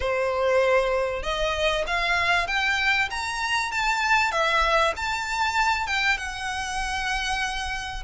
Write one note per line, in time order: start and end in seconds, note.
0.00 1.23 C5
1.23 1.84 D#5
1.87 2.47 F5
2.47 3.09 G5
3.10 3.71 A#5
3.71 4.31 A5
4.31 4.93 E5
4.96 5.86 A5
5.86 6.17 G5
6.17 8.03 F#5